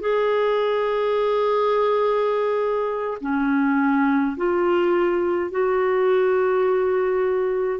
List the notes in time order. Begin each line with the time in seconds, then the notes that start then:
0.00 G#4
3.20 C#4
4.37 F4
5.51 F#4